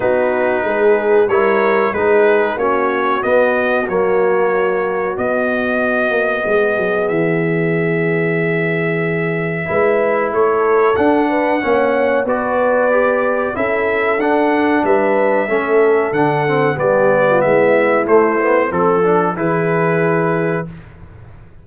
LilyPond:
<<
  \new Staff \with { instrumentName = "trumpet" } { \time 4/4 \tempo 4 = 93 b'2 cis''4 b'4 | cis''4 dis''4 cis''2 | dis''2. e''4~ | e''1 |
cis''4 fis''2 d''4~ | d''4 e''4 fis''4 e''4~ | e''4 fis''4 d''4 e''4 | c''4 a'4 b'2 | }
  \new Staff \with { instrumentName = "horn" } { \time 4/4 fis'4 gis'4 ais'4 gis'4 | fis'1~ | fis'2 gis'2~ | gis'2. b'4 |
a'4. b'8 cis''4 b'4~ | b'4 a'2 b'4 | a'2 g'8. f'16 e'4~ | e'4 a'4 gis'2 | }
  \new Staff \with { instrumentName = "trombone" } { \time 4/4 dis'2 e'4 dis'4 | cis'4 b4 ais2 | b1~ | b2. e'4~ |
e'4 d'4 cis'4 fis'4 | g'4 e'4 d'2 | cis'4 d'8 c'8 b2 | a8 b8 c'8 d'8 e'2 | }
  \new Staff \with { instrumentName = "tuba" } { \time 4/4 b4 gis4 g4 gis4 | ais4 b4 fis2 | b4. ais8 gis8 fis8 e4~ | e2. gis4 |
a4 d'4 ais4 b4~ | b4 cis'4 d'4 g4 | a4 d4 g4 gis4 | a4 f4 e2 | }
>>